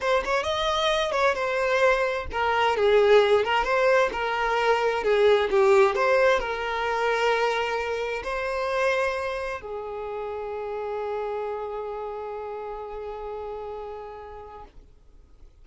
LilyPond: \new Staff \with { instrumentName = "violin" } { \time 4/4 \tempo 4 = 131 c''8 cis''8 dis''4. cis''8 c''4~ | c''4 ais'4 gis'4. ais'8 | c''4 ais'2 gis'4 | g'4 c''4 ais'2~ |
ais'2 c''2~ | c''4 gis'2.~ | gis'1~ | gis'1 | }